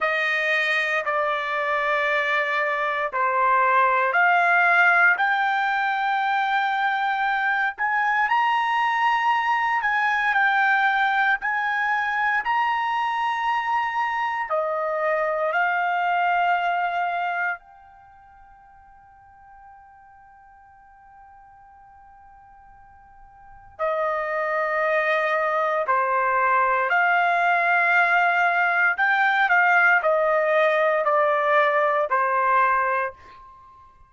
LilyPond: \new Staff \with { instrumentName = "trumpet" } { \time 4/4 \tempo 4 = 58 dis''4 d''2 c''4 | f''4 g''2~ g''8 gis''8 | ais''4. gis''8 g''4 gis''4 | ais''2 dis''4 f''4~ |
f''4 g''2.~ | g''2. dis''4~ | dis''4 c''4 f''2 | g''8 f''8 dis''4 d''4 c''4 | }